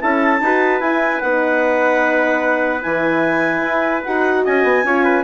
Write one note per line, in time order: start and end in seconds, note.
0.00 0.41 C#4
0.00 0.40 E4
0.00 0.43 A4
0.00 0.81 A5
0.41 0.81 D#4
0.41 0.82 F#4
0.41 4.45 B4
0.81 1.21 E4
0.81 1.22 E4
0.81 1.21 G#5
1.21 2.85 B3
1.21 2.83 D#4
1.21 2.82 F#5
2.83 3.62 E3
2.83 4.04 E4
2.83 4.04 G#5
3.62 4.02 E4
4.05 4.47 D#4
4.05 4.86 F#4
4.05 4.45 F#5
4.45 4.64 C#4
4.45 4.85 D#5
4.45 5.25 G#5
4.64 4.84 B3
4.84 5.24 C#4
4.84 5.25 F4
4.84 5.04 C#5
5.04 5.25 B4